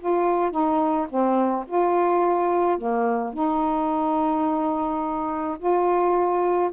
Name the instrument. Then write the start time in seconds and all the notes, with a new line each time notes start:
saxophone
0.00 F4
0.51 D#4
1.09 C4
1.68 F4
2.78 A#3
3.33 D#4
5.59 F4